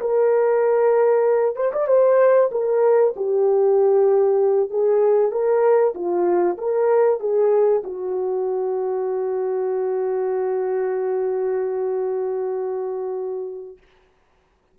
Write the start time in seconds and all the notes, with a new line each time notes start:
0.00 A#4
1.56 C5
1.72 D5
1.87 C5
2.51 A#4
3.16 G4
4.70 G#4
5.31 A#4
5.94 F4
6.58 A#4
7.20 G#4
7.84 F#4